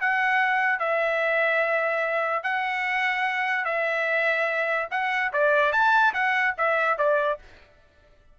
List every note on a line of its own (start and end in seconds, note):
0.00 0.79 F#5
0.79 2.43 E5
2.43 3.64 F#5
3.64 4.88 E5
4.91 5.32 F#5
5.32 5.72 D5
5.72 6.13 A5
6.13 6.54 F#5
6.57 6.98 E5
6.98 7.39 D5